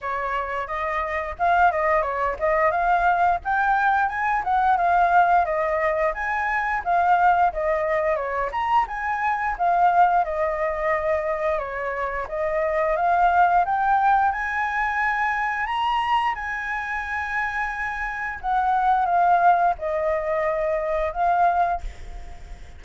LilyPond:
\new Staff \with { instrumentName = "flute" } { \time 4/4 \tempo 4 = 88 cis''4 dis''4 f''8 dis''8 cis''8 dis''8 | f''4 g''4 gis''8 fis''8 f''4 | dis''4 gis''4 f''4 dis''4 | cis''8 ais''8 gis''4 f''4 dis''4~ |
dis''4 cis''4 dis''4 f''4 | g''4 gis''2 ais''4 | gis''2. fis''4 | f''4 dis''2 f''4 | }